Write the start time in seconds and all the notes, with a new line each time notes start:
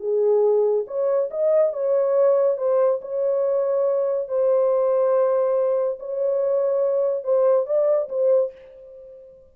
0.00 G#4
0.87 C#5
1.31 D#5
1.73 C#5
2.58 C5
3.02 C#5
4.28 C5
5.99 C#5
7.24 C5
7.66 D5
8.09 C5